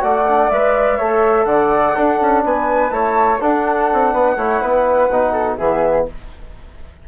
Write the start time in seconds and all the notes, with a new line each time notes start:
0.00 A3 F#4 D5 F#5
0.27 D4
0.49 G#3 B4 E5
0.96 A3 A4 C#5
1.44 D3 D5 F#5
1.95 D4 A4
2.21 C#4
2.44 B3 B4 G#5
2.90 A3 E4 C#5 A5
3.40 D4 A4 F#5
3.93 C4
4.12 B3 B4
4.36 A3 E4 C#5
4.61 B3 B4
5.09 B2 D#4
5.32 A4
5.57 E3 B3 G#4 E5